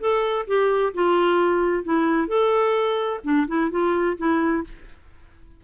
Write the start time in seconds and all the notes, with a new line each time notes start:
0.00 A4
0.47 G4
0.94 F4
1.84 E4
2.28 A4
3.24 D4
3.47 E4
3.71 F4
4.18 E4